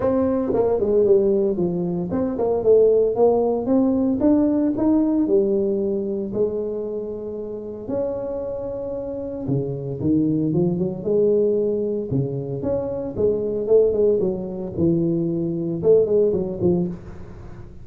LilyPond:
\new Staff \with { instrumentName = "tuba" } { \time 4/4 \tempo 4 = 114 c'4 ais8 gis8 g4 f4 | c'8 ais8 a4 ais4 c'4 | d'4 dis'4 g2 | gis2. cis'4~ |
cis'2 cis4 dis4 | f8 fis8 gis2 cis4 | cis'4 gis4 a8 gis8 fis4 | e2 a8 gis8 fis8 f8 | }